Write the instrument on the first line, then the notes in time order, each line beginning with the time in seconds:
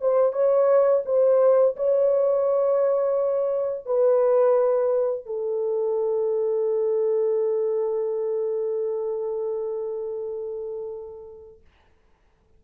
horn
0.00 C5
0.32 C#5
1.05 C5
1.76 C#5
3.85 B4
5.26 A4